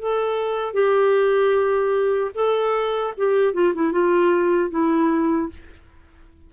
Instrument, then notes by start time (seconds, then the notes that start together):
clarinet
0.00 A4
0.74 G4
2.35 A4
3.18 G4
3.54 F4
3.75 E4
3.93 F4
4.71 E4